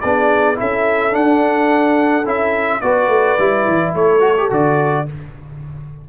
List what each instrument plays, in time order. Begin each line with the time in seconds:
0.00 tuba B3, trombone D4, horn G#4, trumpet D5
0.55 tuba C#4, trombone E4, horn A4, trumpet E5
1.11 trombone D4, tuba D4, trumpet F#5
2.25 tuba C#4, trombone E4, trumpet E5
2.80 tuba B3, trombone F#4, horn B4, trumpet D5
3.08 tuba A3
3.38 tuba G3, trombone E4
3.67 tuba E3
3.93 tuba A3, horn A4, trumpet C#5
4.20 trombone F#4
4.37 trombone G4
4.50 tuba D3, trombone F#4, trumpet D5